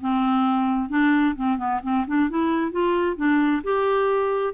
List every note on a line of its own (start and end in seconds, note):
0.00 0.89 C4
0.89 1.35 D4
1.35 1.57 C4
1.57 1.80 B3
1.82 2.05 C4
2.07 2.29 D4
2.29 2.71 E4
2.71 3.16 F4
3.16 3.62 D4
3.63 4.54 G4